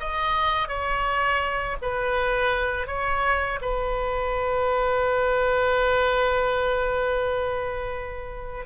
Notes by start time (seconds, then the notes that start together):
0.00 D#5
0.68 C#5
1.82 B4
2.87 C#5
3.62 B4